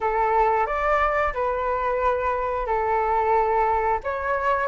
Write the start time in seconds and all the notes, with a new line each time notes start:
0.00 A4
0.66 D5
1.33 B4
2.66 A4
4.03 C#5